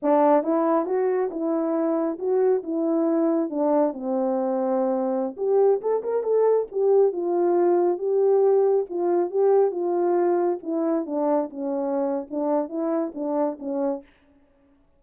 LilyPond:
\new Staff \with { instrumentName = "horn" } { \time 4/4 \tempo 4 = 137 d'4 e'4 fis'4 e'4~ | e'4 fis'4 e'2 | d'4 c'2.~ | c'16 g'4 a'8 ais'8 a'4 g'8.~ |
g'16 f'2 g'4.~ g'16~ | g'16 f'4 g'4 f'4.~ f'16~ | f'16 e'4 d'4 cis'4.~ cis'16 | d'4 e'4 d'4 cis'4 | }